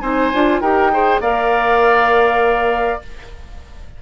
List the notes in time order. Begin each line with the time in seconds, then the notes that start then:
0.00 C4 D#4 C5 G#5
0.34 D4 F4
0.61 D#4 G4 A#4 G5
0.93 G#4 C5
1.20 A#3 A#4 D5 F5